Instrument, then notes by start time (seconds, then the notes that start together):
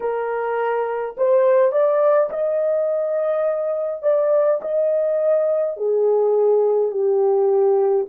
horn
0.00 A#4
1.17 C5
1.72 D5
2.30 D#5
4.02 D5
4.61 D#5
5.76 G#4
6.91 G4